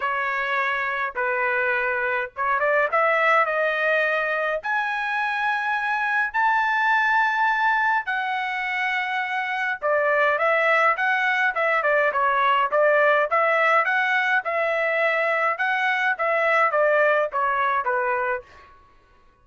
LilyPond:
\new Staff \with { instrumentName = "trumpet" } { \time 4/4 \tempo 4 = 104 cis''2 b'2 | cis''8 d''8 e''4 dis''2 | gis''2. a''4~ | a''2 fis''2~ |
fis''4 d''4 e''4 fis''4 | e''8 d''8 cis''4 d''4 e''4 | fis''4 e''2 fis''4 | e''4 d''4 cis''4 b'4 | }